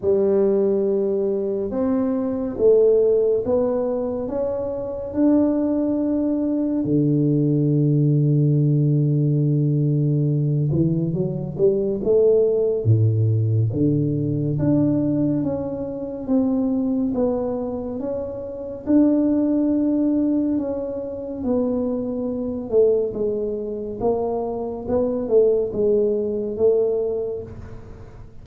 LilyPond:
\new Staff \with { instrumentName = "tuba" } { \time 4/4 \tempo 4 = 70 g2 c'4 a4 | b4 cis'4 d'2 | d1~ | d8 e8 fis8 g8 a4 a,4 |
d4 d'4 cis'4 c'4 | b4 cis'4 d'2 | cis'4 b4. a8 gis4 | ais4 b8 a8 gis4 a4 | }